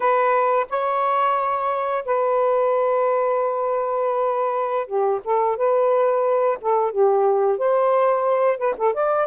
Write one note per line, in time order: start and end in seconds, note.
0.00 0.66 B4
0.69 2.04 C#5
2.05 4.86 B4
4.86 5.20 G4
5.24 5.56 A4
5.56 6.57 B4
6.61 6.91 A4
6.91 7.58 G4
7.58 8.57 C5
8.57 8.74 B4
8.77 8.93 A4
8.93 9.27 D5